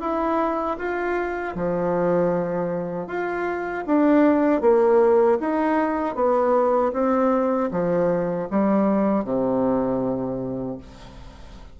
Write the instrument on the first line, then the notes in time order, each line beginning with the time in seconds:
bassoon
0.00 E4
0.78 F4
1.55 F3
3.07 F4
3.86 D4
4.61 A#3
5.40 D#4
6.15 B3
6.93 C4
7.71 F3
8.50 G3
9.24 C3